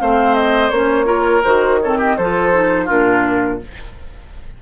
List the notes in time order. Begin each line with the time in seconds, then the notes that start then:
0.00 A3 C4 C5 F5
0.35 D#5
0.70 A#3 C#4 C#5
1.05 F4 A#4
1.44 D#3 F#4 C5
1.81 C4 A4 C#5
1.98 G4 D#5
2.17 F3 F4 A4 C5
2.53 D#4
2.85 A#2 D4 F4 A#4